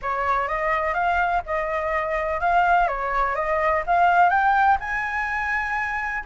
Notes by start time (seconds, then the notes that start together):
0.02 C#5
0.48 D#5
0.93 F5
1.46 D#5
2.40 F5
2.87 C#5
3.35 D#5
3.86 F5
4.29 G5
4.80 G#5